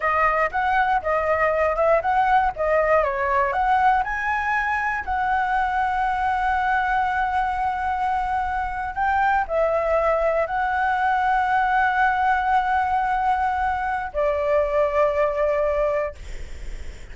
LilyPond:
\new Staff \with { instrumentName = "flute" } { \time 4/4 \tempo 4 = 119 dis''4 fis''4 dis''4. e''8 | fis''4 dis''4 cis''4 fis''4 | gis''2 fis''2~ | fis''1~ |
fis''4.~ fis''16 g''4 e''4~ e''16~ | e''8. fis''2.~ fis''16~ | fis''1 | d''1 | }